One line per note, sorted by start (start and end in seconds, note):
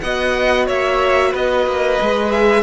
0.00 0.68 B3
0.00 1.99 F#4
0.00 0.66 D#5
0.00 0.65 F#5
0.66 1.33 A#3
0.66 1.31 C#5
0.66 1.33 E5
1.31 1.66 B3
1.31 2.61 B4
1.31 2.31 D#5
1.66 1.99 A#3
2.01 2.62 G#3
2.01 2.62 G#4
2.31 2.62 E5